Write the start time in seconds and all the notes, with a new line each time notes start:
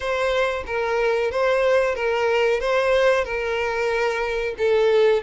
0.00 C5
0.66 A#4
1.31 C5
1.95 A#4
2.60 C5
3.24 A#4
4.58 A4